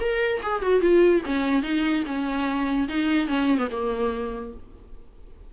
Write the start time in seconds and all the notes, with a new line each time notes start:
0.00 A#4
0.43 G#4
0.62 F#4
0.81 F4
1.26 C#4
1.63 D#4
2.06 C#4
2.88 D#4
3.28 C#4
3.58 B3
3.71 A#3